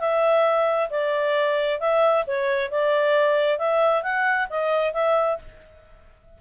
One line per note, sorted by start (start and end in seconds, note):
0.00 0.90 E5
0.91 1.80 D5
1.80 2.26 E5
2.27 2.71 C#5
2.71 3.59 D5
3.59 4.03 E5
4.03 4.48 F#5
4.50 4.94 D#5
4.94 5.39 E5